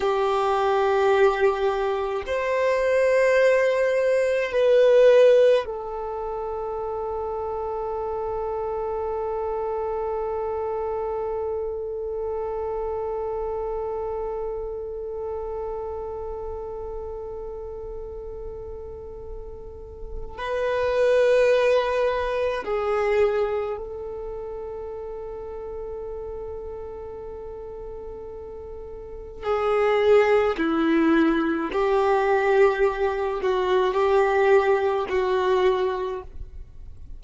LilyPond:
\new Staff \with { instrumentName = "violin" } { \time 4/4 \tempo 4 = 53 g'2 c''2 | b'4 a'2.~ | a'1~ | a'1~ |
a'2 b'2 | gis'4 a'2.~ | a'2 gis'4 e'4 | g'4. fis'8 g'4 fis'4 | }